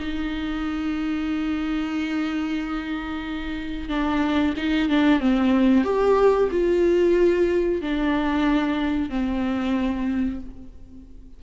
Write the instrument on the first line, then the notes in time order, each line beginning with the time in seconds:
viola
0.00 D#4
3.89 D4
4.57 D#4
4.90 D4
5.20 C4
5.84 G4
6.52 F4
7.82 D4
9.10 C4